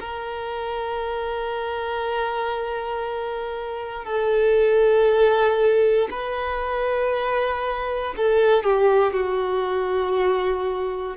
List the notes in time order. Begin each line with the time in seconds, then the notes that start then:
0.00 A#4
4.05 A4
6.11 B4
8.17 A4
8.64 G4
9.13 F#4